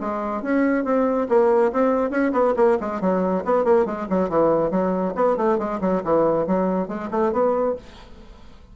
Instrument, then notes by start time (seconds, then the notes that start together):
bassoon
0.00 G#3
0.42 C#4
0.84 C4
1.29 A#3
1.72 C4
2.10 C#4
2.32 B3
2.56 A#3
2.80 G#3
3.00 F#3
3.45 B3
3.64 A#3
3.86 G#3
4.09 F#3
4.29 E3
4.71 F#3
5.15 B3
5.36 A3
5.58 G#3
5.81 F#3
6.04 E3
6.47 F#3
6.88 G#3
7.10 A3
7.32 B3